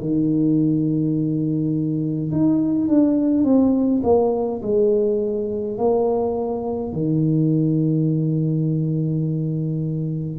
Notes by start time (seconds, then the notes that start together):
0.00 D#3
2.31 D#4
2.88 D4
3.44 C4
4.03 A#3
4.62 G#3
5.77 A#3
6.92 D#3